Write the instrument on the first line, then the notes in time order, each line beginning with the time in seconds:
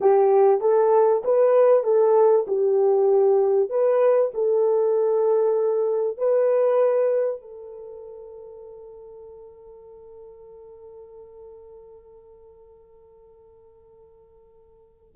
horn
0.01 G4
0.60 A4
1.24 B4
1.83 A4
2.47 G4
3.69 B4
4.34 A4
6.17 B4
7.41 A4